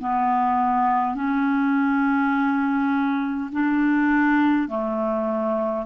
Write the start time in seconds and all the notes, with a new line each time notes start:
0.00 B3
1.16 C#4
3.52 D4
4.69 A3